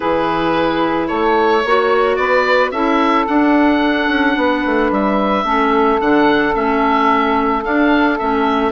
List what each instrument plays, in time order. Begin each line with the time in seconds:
0.00 bassoon E3, clarinet E4, saxophone G#4, oboe B4
1.07 bassoon A3, saxophone A4, oboe C#5
1.62 bassoon A#3, clarinet F#4, saxophone C#5
2.16 bassoon B3, saxophone B4, oboe D5
2.71 bassoon C#4, clarinet E4, saxophone A4, oboe E5
3.27 clarinet D4, bassoon D4, oboe F#5
4.08 bassoon C#4
4.36 bassoon B3, saxophone B4
4.65 bassoon A3
4.91 bassoon G3, oboe E5
5.44 bassoon A3, clarinet C#4, saxophone A4
6.00 bassoon D3, clarinet D4, oboe F#5
6.54 bassoon A3, clarinet C#4, oboe E5
7.64 bassoon D4, clarinet D4, oboe F5
8.18 bassoon A3, clarinet C#4, oboe E5